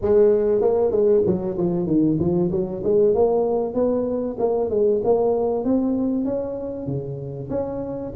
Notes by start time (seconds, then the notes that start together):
0.01 G#3
0.61 A#3
0.91 G#3
1.26 F#3
1.57 F3
1.86 D#3
2.19 F3
2.51 F#3
2.83 G#3
3.14 A#3
3.74 B3
4.38 A#3
4.70 G#3
5.03 A#3
5.64 C4
6.24 C#4
6.86 C#3
7.50 C#4